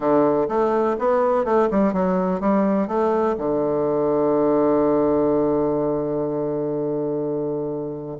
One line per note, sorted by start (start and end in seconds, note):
0.00 0.47 D3
0.48 0.96 A3
0.99 1.44 B3
1.44 1.68 A3
1.70 1.93 G3
1.93 2.40 F#3
2.40 2.87 G3
2.87 3.35 A3
3.38 8.18 D3